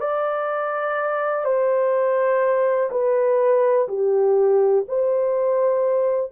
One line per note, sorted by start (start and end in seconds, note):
0.00 1.44 D5
1.44 2.89 C5
2.91 3.88 B4
3.88 4.85 G4
4.88 6.31 C5